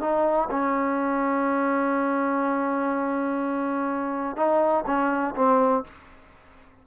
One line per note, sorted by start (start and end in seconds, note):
0.00 0.48 D#4
0.50 4.36 C#4
4.36 4.84 D#4
4.86 5.34 C#4
5.35 5.84 C4